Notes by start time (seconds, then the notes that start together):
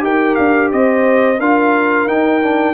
0.00 D#4 G4 A#4 G5
0.35 D4 F5
0.72 C4 C5 D#5
1.40 D4 F4 A#4 F5
2.07 D#4 G5
2.42 D4